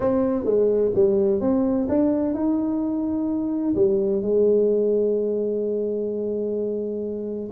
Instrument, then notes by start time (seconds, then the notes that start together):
tuba
0.00 C4
0.44 G#3
0.94 G3
1.40 C4
1.88 D4
2.34 D#4
3.75 G3
4.22 G#3